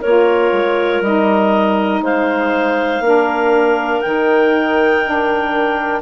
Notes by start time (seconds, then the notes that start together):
0.00 A#3 F4 A#4 C#5
0.52 G#3
1.01 G3 D#4 D#5
2.01 G#3 C5 F5
3.00 A#3 D4 A#4
4.01 D#3 D#4 G5
5.03 D4